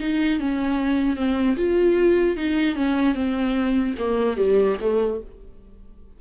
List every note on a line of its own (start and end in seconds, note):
0.00 0.40 D#4
0.40 1.16 C#4
1.16 1.56 C4
1.57 2.37 F4
2.37 2.76 D#4
2.76 3.15 C#4
3.15 3.95 C4
3.99 4.37 A#3
4.37 4.77 G3
4.81 5.21 A3